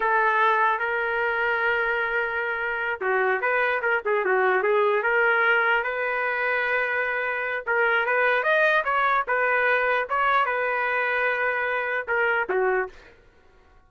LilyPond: \new Staff \with { instrumentName = "trumpet" } { \time 4/4 \tempo 4 = 149 a'2 ais'2~ | ais'2.~ ais'8 fis'8~ | fis'8 b'4 ais'8 gis'8 fis'4 gis'8~ | gis'8 ais'2 b'4.~ |
b'2. ais'4 | b'4 dis''4 cis''4 b'4~ | b'4 cis''4 b'2~ | b'2 ais'4 fis'4 | }